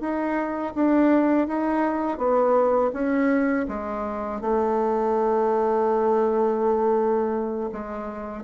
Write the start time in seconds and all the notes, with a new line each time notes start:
0.00 D#4
0.75 D4
1.47 D#4
2.18 B3
2.93 C#4
3.68 G#3
4.41 A3
7.72 G#3